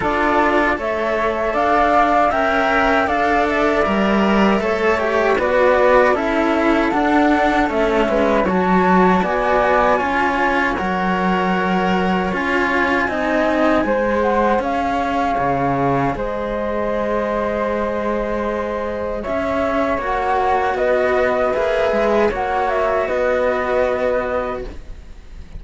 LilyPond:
<<
  \new Staff \with { instrumentName = "flute" } { \time 4/4 \tempo 4 = 78 d''4 e''4 f''4 g''4 | f''8 e''2~ e''8 d''4 | e''4 fis''4 e''4 a''4 | gis''2 fis''2 |
gis''2~ gis''8 fis''8 f''4~ | f''4 dis''2.~ | dis''4 e''4 fis''4 dis''4 | e''4 fis''8 e''8 dis''2 | }
  \new Staff \with { instrumentName = "flute" } { \time 4/4 a'4 cis''4 d''4 e''4 | d''2 cis''4 b'4 | a'2~ a'8 b'8 cis''4 | d''4 cis''2.~ |
cis''4 dis''4 c''4 cis''4~ | cis''4 c''2.~ | c''4 cis''2 b'4~ | b'4 cis''4 b'2 | }
  \new Staff \with { instrumentName = "cello" } { \time 4/4 f'4 a'2 ais'4 | a'4 ais'4 a'8 g'8 fis'4 | e'4 d'4 cis'4 fis'4~ | fis'4 f'4 ais'2 |
f'4 dis'4 gis'2~ | gis'1~ | gis'2 fis'2 | gis'4 fis'2. | }
  \new Staff \with { instrumentName = "cello" } { \time 4/4 d'4 a4 d'4 cis'4 | d'4 g4 a4 b4 | cis'4 d'4 a8 gis8 fis4 | b4 cis'4 fis2 |
cis'4 c'4 gis4 cis'4 | cis4 gis2.~ | gis4 cis'4 ais4 b4 | ais8 gis8 ais4 b2 | }
>>